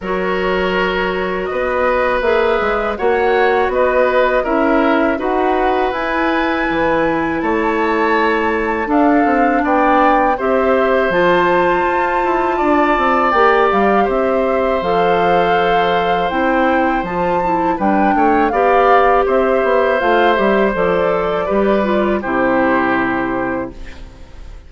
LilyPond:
<<
  \new Staff \with { instrumentName = "flute" } { \time 4/4 \tempo 4 = 81 cis''2 dis''4 e''4 | fis''4 dis''4 e''4 fis''4 | gis''2 a''2 | f''4 g''4 e''4 a''4~ |
a''2 g''8 f''8 e''4 | f''2 g''4 a''4 | g''4 f''4 e''4 f''8 e''8 | d''2 c''2 | }
  \new Staff \with { instrumentName = "oboe" } { \time 4/4 ais'2 b'2 | cis''4 b'4 ais'4 b'4~ | b'2 cis''2 | a'4 d''4 c''2~ |
c''4 d''2 c''4~ | c''1 | b'8 cis''8 d''4 c''2~ | c''4 b'4 g'2 | }
  \new Staff \with { instrumentName = "clarinet" } { \time 4/4 fis'2. gis'4 | fis'2 e'4 fis'4 | e'1 | d'2 g'4 f'4~ |
f'2 g'2 | a'2 e'4 f'8 e'8 | d'4 g'2 f'8 g'8 | a'4 g'8 f'8 e'2 | }
  \new Staff \with { instrumentName = "bassoon" } { \time 4/4 fis2 b4 ais8 gis8 | ais4 b4 cis'4 dis'4 | e'4 e4 a2 | d'8 c'8 b4 c'4 f4 |
f'8 e'8 d'8 c'8 ais8 g8 c'4 | f2 c'4 f4 | g8 a8 b4 c'8 b8 a8 g8 | f4 g4 c2 | }
>>